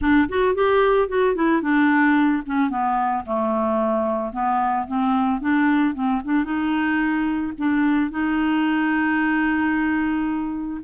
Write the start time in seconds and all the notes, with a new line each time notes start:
0.01 D4
0.28 F#4
0.55 G4
1.08 F#4
1.35 E4
1.62 D4
2.45 C#4
2.70 B3
3.26 A3
4.32 B3
4.87 C4
5.40 D4
5.94 C4
6.24 D4
6.44 D#4
7.58 D4
8.10 D#4